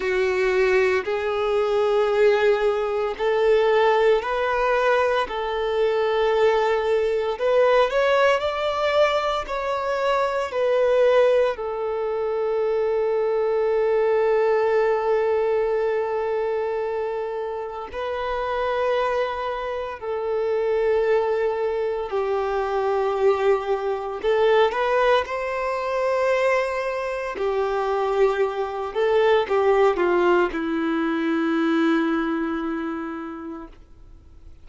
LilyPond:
\new Staff \with { instrumentName = "violin" } { \time 4/4 \tempo 4 = 57 fis'4 gis'2 a'4 | b'4 a'2 b'8 cis''8 | d''4 cis''4 b'4 a'4~ | a'1~ |
a'4 b'2 a'4~ | a'4 g'2 a'8 b'8 | c''2 g'4. a'8 | g'8 f'8 e'2. | }